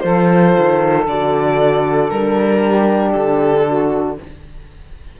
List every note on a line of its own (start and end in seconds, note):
0.00 0.56 F3
0.00 1.06 F4
0.00 2.62 A4
0.00 1.03 C5
0.59 1.08 D#3
1.08 2.11 D3
1.08 2.12 F#4
1.08 2.10 D5
2.10 3.14 G3
2.10 4.19 D4
2.10 3.11 A#4
2.66 3.67 G4
3.11 4.18 D3
3.11 4.15 A4
3.67 4.18 F#4